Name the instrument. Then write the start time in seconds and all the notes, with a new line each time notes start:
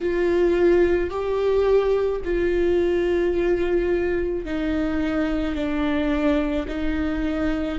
viola
0.01 F4
1.10 G4
2.24 F4
4.44 D#4
5.55 D4
6.68 D#4